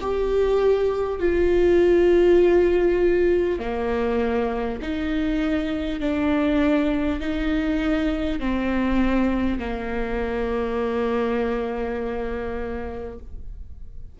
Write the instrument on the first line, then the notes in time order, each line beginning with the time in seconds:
viola
0.00 G4
1.19 F4
3.59 A#3
4.81 D#4
6.00 D4
7.20 D#4
8.39 C4
9.58 A#3